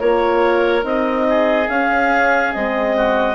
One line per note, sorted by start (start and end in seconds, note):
0.00 0.84 A#3
0.00 0.82 F4
0.00 1.27 A#4
0.00 0.85 C#5
0.82 1.69 C4
0.82 1.67 D#4
0.82 1.69 D#5
1.30 2.97 G#4
1.69 2.53 C#4
1.69 2.54 C#4
1.69 2.53 F5
2.53 3.35 G#3
2.53 3.35 C4
2.53 3.35 D#5
2.97 3.35 F#4